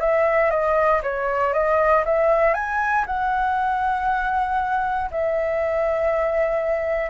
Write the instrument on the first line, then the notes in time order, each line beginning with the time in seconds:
flute
0.00 E5
0.50 D#5
1.03 C#5
1.53 D#5
2.05 E5
2.54 G#5
3.06 F#5
5.11 E5